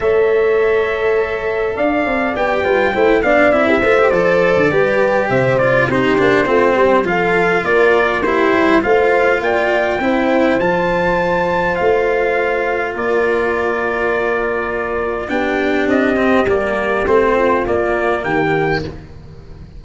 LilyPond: <<
  \new Staff \with { instrumentName = "trumpet" } { \time 4/4 \tempo 4 = 102 e''2. f''4 | g''4. f''8 e''4 d''4~ | d''4 e''8 d''8 c''2 | f''4 d''4 c''4 f''4 |
g''2 a''2 | f''2 d''2~ | d''2 g''4 dis''4 | d''4 c''4 d''4 g''4 | }
  \new Staff \with { instrumentName = "horn" } { \time 4/4 cis''2. d''4~ | d''8 b'8 c''8 d''8. g'16 c''4. | b'4 c''4 g'4 f'8 g'8 | a'4 ais'4 g'4 c''4 |
d''4 c''2.~ | c''2 ais'2~ | ais'2 g'2~ | g'4. f'4. g'4 | }
  \new Staff \with { instrumentName = "cello" } { \time 4/4 a'1 | g'8 f'8 e'8 d'8 e'8 f'16 g'16 a'4 | g'4. f'8 dis'8 d'8 c'4 | f'2 e'4 f'4~ |
f'4 e'4 f'2~ | f'1~ | f'2 d'4. c'8 | ais4 c'4 ais2 | }
  \new Staff \with { instrumentName = "tuba" } { \time 4/4 a2. d'8 c'8 | b8 g8 a8 b8 c'8 a8 f8. d16 | g4 c4 c'8 ais8 a8 g8 | f4 ais4. g8 a4 |
ais4 c'4 f2 | a2 ais2~ | ais2 b4 c'4 | g4 a4 ais4 dis4 | }
>>